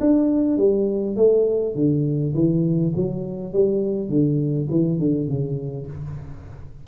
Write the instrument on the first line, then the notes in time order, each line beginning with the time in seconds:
tuba
0.00 D4
0.57 G3
1.16 A3
1.75 D3
2.34 E3
2.95 F#3
3.53 G3
4.09 D3
4.70 E3
4.99 D3
5.28 C#3